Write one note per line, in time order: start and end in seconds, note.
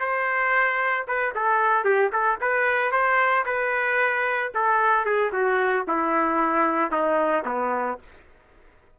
0.00 1.06 C5
1.08 1.34 B4
1.35 1.85 A4
1.85 2.11 G4
2.13 2.39 A4
2.41 2.92 B4
2.92 3.45 C5
3.46 4.52 B4
4.55 5.06 A4
5.06 5.32 G#4
5.33 5.86 F#4
5.88 6.92 E4
6.92 7.45 D#4
7.46 7.99 B3